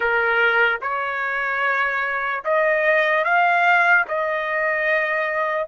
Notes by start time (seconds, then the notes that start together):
0.00 A#4
0.81 C#5
2.44 D#5
3.24 F5
4.08 D#5